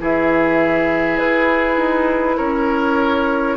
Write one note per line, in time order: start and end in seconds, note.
0.00 1.19 E3
0.00 3.58 E4
0.00 2.37 G#4
0.00 1.18 E5
1.18 1.77 E4
1.18 2.38 B4
1.77 2.37 D#4
2.37 3.58 C#4
2.37 3.57 A#4
2.37 3.58 C#5